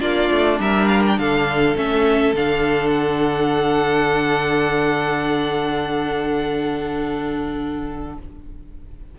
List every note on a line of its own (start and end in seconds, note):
0.00 0.30 A#3
0.00 1.75 D4
0.00 0.59 F4
0.00 0.60 D5
0.31 0.60 A3
0.60 1.18 G3
0.60 1.20 A#4
0.60 0.88 E5
0.88 1.03 F5
1.08 1.19 G5
1.18 1.77 D3
1.18 8.19 A4
1.18 1.77 F5
1.76 2.34 A3
1.76 2.35 C#4
1.76 2.36 E5
2.34 8.16 D3
2.34 8.19 D4
2.34 2.90 F5
2.90 8.15 F#5